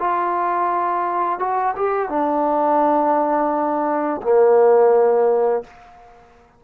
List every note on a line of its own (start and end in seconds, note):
0.00 1.40 F4
1.40 1.75 F#4
1.76 2.10 G4
2.10 4.22 D4
4.23 5.64 A#3